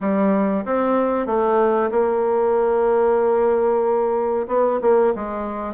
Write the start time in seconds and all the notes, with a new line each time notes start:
0.00 G3
0.65 C4
1.26 A3
1.91 A#3
4.47 B3
4.81 A#3
5.15 G#3